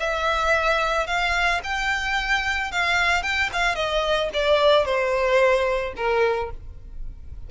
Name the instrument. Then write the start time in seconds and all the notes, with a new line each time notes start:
violin
0.00 E5
1.07 F5
1.64 G5
2.72 F5
3.23 G5
3.53 F5
3.76 D#5
4.34 D5
4.86 C5
5.97 A#4